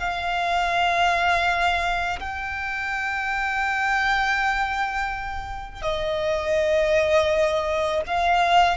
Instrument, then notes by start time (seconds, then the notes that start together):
violin
0.00 F5
2.20 G5
5.82 D#5
8.07 F5